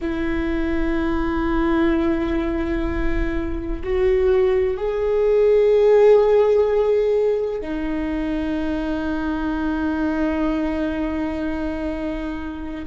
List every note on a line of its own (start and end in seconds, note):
0.01 3.82 E4
3.84 4.77 F#4
4.77 7.61 G#4
7.61 12.85 D#4